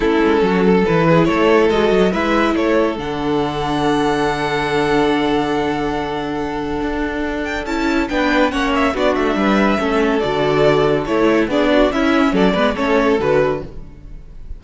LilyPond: <<
  \new Staff \with { instrumentName = "violin" } { \time 4/4 \tempo 4 = 141 a'2 b'4 cis''4 | dis''4 e''4 cis''4 fis''4~ | fis''1~ | fis''1~ |
fis''4. g''8 a''4 g''4 | fis''8 e''8 d''8 e''2~ e''8 | d''2 cis''4 d''4 | e''4 d''4 cis''4 b'4 | }
  \new Staff \with { instrumentName = "violin" } { \time 4/4 e'4 fis'8 a'4 gis'8 a'4~ | a'4 b'4 a'2~ | a'1~ | a'1~ |
a'2. b'4 | cis''4 fis'4 b'4 a'4~ | a'2. gis'8 fis'8 | e'4 a'8 b'8 a'2 | }
  \new Staff \with { instrumentName = "viola" } { \time 4/4 cis'2 e'2 | fis'4 e'2 d'4~ | d'1~ | d'1~ |
d'2 e'4 d'4 | cis'4 d'2 cis'4 | fis'2 e'4 d'4 | cis'4. b8 cis'4 fis'4 | }
  \new Staff \with { instrumentName = "cello" } { \time 4/4 a8 gis8 fis4 e4 a4 | gis8 fis8 gis4 a4 d4~ | d1~ | d1 |
d'2 cis'4 b4 | ais4 b8 a8 g4 a4 | d2 a4 b4 | cis'4 fis8 gis8 a4 d4 | }
>>